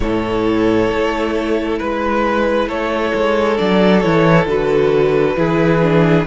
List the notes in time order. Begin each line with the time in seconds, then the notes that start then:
0.00 A2 E4 A4 C#5
0.90 A3
1.79 G#3 B4
2.67 A3 A4 C#5
3.13 G#3
3.57 F#3 D4 D5
4.00 E3 E4 C#5
4.46 D3 F#4 B4
5.36 E3 E4 G#4
5.82 D4